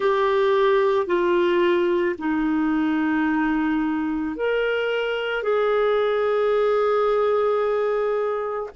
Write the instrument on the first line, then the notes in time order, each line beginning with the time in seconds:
clarinet
0.00 G4
1.06 F4
2.18 D#4
4.36 A#4
5.42 G#4